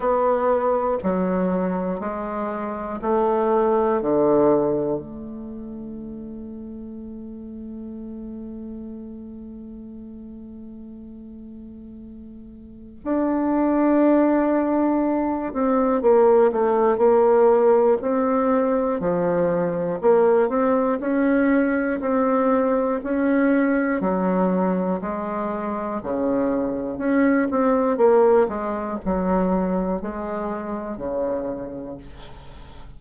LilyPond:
\new Staff \with { instrumentName = "bassoon" } { \time 4/4 \tempo 4 = 60 b4 fis4 gis4 a4 | d4 a2.~ | a1~ | a4 d'2~ d'8 c'8 |
ais8 a8 ais4 c'4 f4 | ais8 c'8 cis'4 c'4 cis'4 | fis4 gis4 cis4 cis'8 c'8 | ais8 gis8 fis4 gis4 cis4 | }